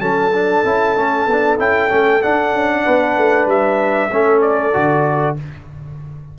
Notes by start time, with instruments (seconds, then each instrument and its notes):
0.00 tuba F#3, trombone C#4, horn A4, trumpet A5
0.34 trombone D4
0.65 tuba C#4, trombone E4
0.97 tuba A3, trombone C#4
1.27 tuba B3, trombone D4
1.59 tuba C#4, trombone E4, trumpet G5
1.89 tuba A3, trombone C#4
2.21 trombone D4, tuba D4, trumpet F#5
2.53 tuba C#4
2.85 tuba B3, horn B4
3.18 tuba A3
3.46 tuba G3, trumpet E5
4.11 tuba A3, trombone C#4, horn A4
4.42 trumpet D5
4.74 tuba D3, trombone F#4